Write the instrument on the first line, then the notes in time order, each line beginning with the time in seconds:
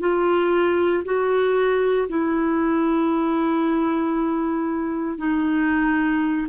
clarinet
0.00 F4
1.04 F#4
2.08 E4
5.17 D#4